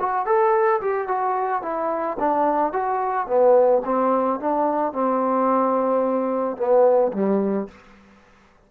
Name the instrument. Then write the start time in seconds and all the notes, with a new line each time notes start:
trombone
0.00 F#4
0.26 A4
0.81 G4
1.08 F#4
1.63 E4
2.19 D4
2.73 F#4
3.27 B3
3.85 C4
4.40 D4
4.93 C4
6.57 B3
7.13 G3